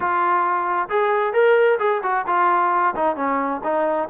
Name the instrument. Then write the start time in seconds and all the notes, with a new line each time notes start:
trombone
0.00 F4
0.89 G#4
1.33 A#4
1.79 G#4
2.03 F#4
2.27 F4
2.95 D#4
3.16 C#4
3.63 D#4